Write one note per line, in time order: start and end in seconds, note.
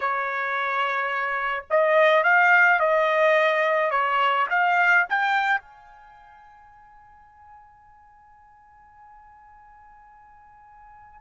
0.00 1.64 C#5
1.69 2.23 D#5
2.23 2.79 F5
2.79 3.90 D#5
3.90 4.46 C#5
4.50 5.06 F5
5.09 5.60 G5
5.60 11.21 G#5